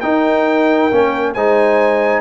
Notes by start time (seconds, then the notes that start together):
0.00 D#4 A#4 G5
0.91 A#3 C#4
1.33 G#3 D#4 C5 G#5